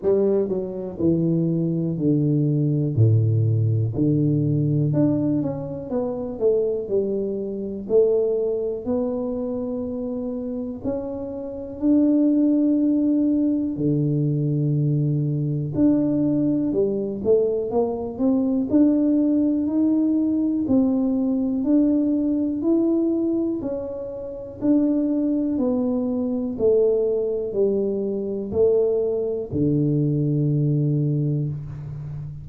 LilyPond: \new Staff \with { instrumentName = "tuba" } { \time 4/4 \tempo 4 = 61 g8 fis8 e4 d4 a,4 | d4 d'8 cis'8 b8 a8 g4 | a4 b2 cis'4 | d'2 d2 |
d'4 g8 a8 ais8 c'8 d'4 | dis'4 c'4 d'4 e'4 | cis'4 d'4 b4 a4 | g4 a4 d2 | }